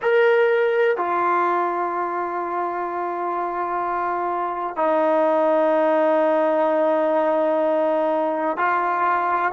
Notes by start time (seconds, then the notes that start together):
0.02 A#4
0.97 F4
4.76 D#4
8.57 F4